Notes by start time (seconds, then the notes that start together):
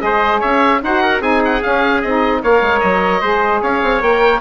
0.00 G#3 G#4 D#5
0.06 C5
0.40 C#4 C#5 E5
0.83 D#4 F#4 C5 F#5
1.03 A#4
1.21 C4 D#4 G#4 G#5
1.45 F#5
1.63 C#4 F5
2.02 C4 D#4 D#5
2.43 A#3 A#4 C#5 F5
2.62 G#3
2.80 F#3 D#5
3.22 G#3 G#4 C5
3.62 C#4 C#5 F5
3.83 C4
4.02 A#3 A#4 G5